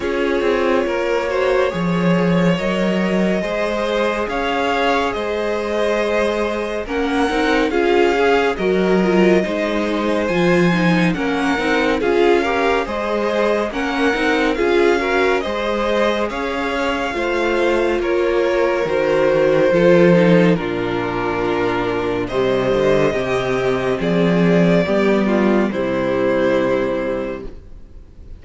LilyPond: <<
  \new Staff \with { instrumentName = "violin" } { \time 4/4 \tempo 4 = 70 cis''2. dis''4~ | dis''4 f''4 dis''2 | fis''4 f''4 dis''2 | gis''4 fis''4 f''4 dis''4 |
fis''4 f''4 dis''4 f''4~ | f''4 cis''4 c''2 | ais'2 dis''2 | d''2 c''2 | }
  \new Staff \with { instrumentName = "violin" } { \time 4/4 gis'4 ais'8 c''8 cis''2 | c''4 cis''4 c''2 | ais'4 gis'4 ais'4 c''4~ | c''4 ais'4 gis'8 ais'8 c''4 |
ais'4 gis'8 ais'8 c''4 cis''4 | c''4 ais'2 a'4 | f'2 c''4 g'4 | gis'4 g'8 f'8 e'2 | }
  \new Staff \with { instrumentName = "viola" } { \time 4/4 f'4. fis'8 gis'4 ais'4 | gis'1 | cis'8 dis'8 f'8 gis'8 fis'8 f'8 dis'4 | f'8 dis'8 cis'8 dis'8 f'8 g'8 gis'4 |
cis'8 dis'8 f'8 fis'8 gis'2 | f'2 fis'4 f'8 dis'8 | d'2 g4 c'4~ | c'4 b4 g2 | }
  \new Staff \with { instrumentName = "cello" } { \time 4/4 cis'8 c'8 ais4 f4 fis4 | gis4 cis'4 gis2 | ais8 c'8 cis'4 fis4 gis4 | f4 ais8 c'8 cis'4 gis4 |
ais8 c'8 cis'4 gis4 cis'4 | a4 ais4 dis4 f4 | ais,2 c8 d8 c4 | f4 g4 c2 | }
>>